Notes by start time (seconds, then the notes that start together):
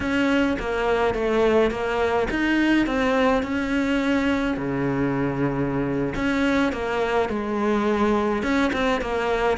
0.00 C#4
0.59 A#3
1.14 A3
1.71 A#3
2.30 D#4
2.86 C4
3.42 C#4
4.57 C#3
6.15 C#4
6.72 A#3
7.29 G#3
8.42 C#4
8.72 C4
9.01 A#3